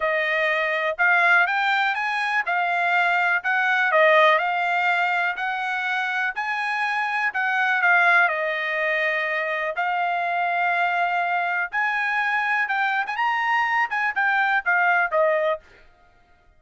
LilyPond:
\new Staff \with { instrumentName = "trumpet" } { \time 4/4 \tempo 4 = 123 dis''2 f''4 g''4 | gis''4 f''2 fis''4 | dis''4 f''2 fis''4~ | fis''4 gis''2 fis''4 |
f''4 dis''2. | f''1 | gis''2 g''8. gis''16 ais''4~ | ais''8 gis''8 g''4 f''4 dis''4 | }